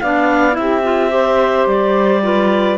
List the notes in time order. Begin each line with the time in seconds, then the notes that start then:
0.00 B3 D4 D5 F5
0.52 C4 E4 E5
0.58 G4
0.83 F4
1.09 G4 C5
1.66 G3 D5
2.22 F4 B4